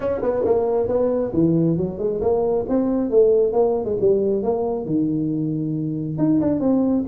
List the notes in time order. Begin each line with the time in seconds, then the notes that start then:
0.00 C#4
0.22 B3
0.44 A#3
0.87 B3
1.33 E3
1.77 F#3
1.98 G#3
2.21 A#3
2.68 C4
3.10 A3
3.52 A#3
3.84 G#3
4.00 G3
4.42 A#3
4.85 D#3
6.17 D#4
6.41 D4
6.60 C4